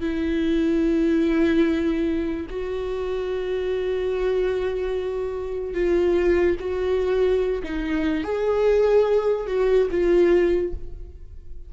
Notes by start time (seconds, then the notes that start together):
0.00 E4
2.49 F#4
5.74 F4
6.59 F#4
7.63 D#4
8.23 G#4
9.47 F#4
9.91 F4